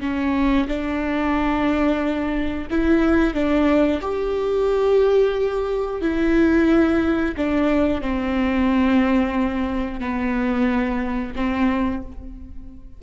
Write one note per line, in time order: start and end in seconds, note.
0.00 0.67 C#4
0.67 2.67 D4
2.70 3.34 E4
3.34 4.00 D4
4.01 6.01 G4
6.01 7.35 E4
7.37 8.01 D4
8.01 10.00 C4
10.00 11.33 B3
11.35 12.02 C4